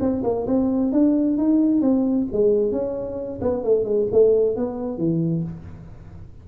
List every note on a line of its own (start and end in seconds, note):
0.00 0.23 C4
0.24 0.46 A#3
0.47 0.92 C4
0.92 1.37 D4
1.37 1.81 D#4
1.81 2.27 C4
2.32 2.71 G#3
2.71 3.40 C#4
3.41 3.64 B3
3.64 3.84 A3
3.84 4.07 G#3
4.12 4.56 A3
4.56 4.98 B3
4.98 5.43 E3